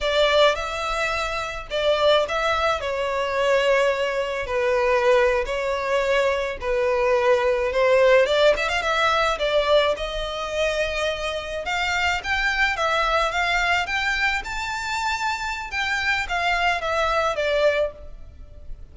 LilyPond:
\new Staff \with { instrumentName = "violin" } { \time 4/4 \tempo 4 = 107 d''4 e''2 d''4 | e''4 cis''2. | b'4.~ b'16 cis''2 b'16~ | b'4.~ b'16 c''4 d''8 e''16 f''16 e''16~ |
e''8. d''4 dis''2~ dis''16~ | dis''8. f''4 g''4 e''4 f''16~ | f''8. g''4 a''2~ a''16 | g''4 f''4 e''4 d''4 | }